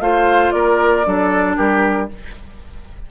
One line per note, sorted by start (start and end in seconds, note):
0.00 0.52 A3
0.00 1.04 F4
0.00 0.54 C5
0.00 0.51 F5
0.51 1.06 A#3
0.51 1.06 A#4
0.51 1.56 D5
1.04 1.58 F#3
1.04 2.09 D4
1.04 1.57 A4
1.56 2.10 G3
1.56 2.09 G4
1.56 2.08 A#4